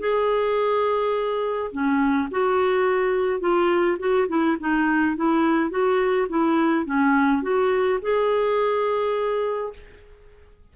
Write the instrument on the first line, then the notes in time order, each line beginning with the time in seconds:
clarinet
0.00 G#4
1.72 C#4
2.31 F#4
3.40 F4
3.99 F#4
4.28 E4
4.60 D#4
5.16 E4
5.70 F#4
6.29 E4
6.85 C#4
7.42 F#4
8.02 G#4